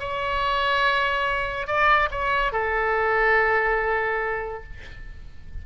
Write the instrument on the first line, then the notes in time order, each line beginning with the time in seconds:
oboe
0.00 C#5
1.67 D5
2.11 C#5
2.52 A4